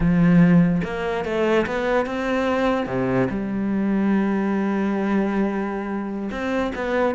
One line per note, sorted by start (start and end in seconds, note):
0.00 0.81 F3
0.84 1.24 A#3
1.24 1.66 A3
1.66 2.05 B3
2.05 2.86 C4
2.86 3.27 C3
3.30 6.30 G3
6.31 6.72 C4
6.75 7.15 B3